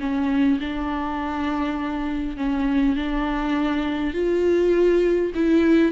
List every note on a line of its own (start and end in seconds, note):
0.00 0.59 C#4
0.60 2.37 D4
2.37 2.96 C#4
2.96 4.14 D4
4.14 5.32 F4
5.35 5.92 E4